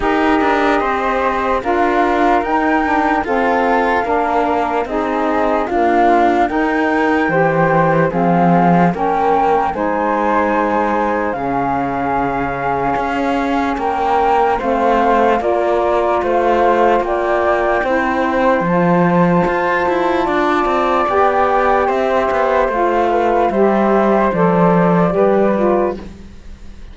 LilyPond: <<
  \new Staff \with { instrumentName = "flute" } { \time 4/4 \tempo 4 = 74 dis''2 f''4 g''4 | f''2 dis''4 f''4 | g''2 f''4 g''4 | gis''2 f''2~ |
f''4 g''4 f''4 d''4 | f''4 g''2 a''4~ | a''2 g''4 e''4 | f''4 e''4 d''2 | }
  \new Staff \with { instrumentName = "flute" } { \time 4/4 ais'4 c''4 ais'2 | a'4 ais'4 gis'4 f'4 | ais'4 c''4 gis'4 ais'4 | c''2 gis'2~ |
gis'4 ais'4 c''4 ais'4 | c''4 d''4 c''2~ | c''4 d''2 c''4~ | c''8 b'8 c''2 b'4 | }
  \new Staff \with { instrumentName = "saxophone" } { \time 4/4 g'2 f'4 dis'8 d'8 | c'4 d'4 dis'4 ais4 | dis'4 g'4 c'4 cis'4 | dis'2 cis'2~ |
cis'2 c'4 f'4~ | f'2 e'4 f'4~ | f'2 g'2 | f'4 g'4 a'4 g'8 f'8 | }
  \new Staff \with { instrumentName = "cello" } { \time 4/4 dis'8 d'8 c'4 d'4 dis'4 | f'4 ais4 c'4 d'4 | dis'4 e4 f4 ais4 | gis2 cis2 |
cis'4 ais4 a4 ais4 | a4 ais4 c'4 f4 | f'8 e'8 d'8 c'8 b4 c'8 b8 | a4 g4 f4 g4 | }
>>